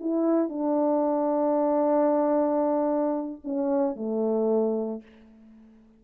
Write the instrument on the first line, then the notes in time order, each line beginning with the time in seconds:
horn
0.00 E4
0.49 D4
3.44 C#4
3.96 A3